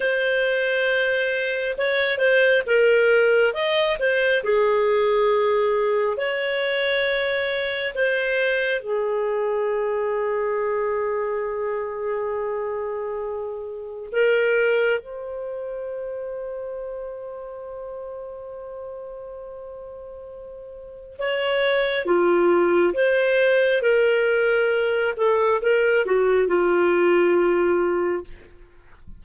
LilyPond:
\new Staff \with { instrumentName = "clarinet" } { \time 4/4 \tempo 4 = 68 c''2 cis''8 c''8 ais'4 | dis''8 c''8 gis'2 cis''4~ | cis''4 c''4 gis'2~ | gis'1 |
ais'4 c''2.~ | c''1 | cis''4 f'4 c''4 ais'4~ | ais'8 a'8 ais'8 fis'8 f'2 | }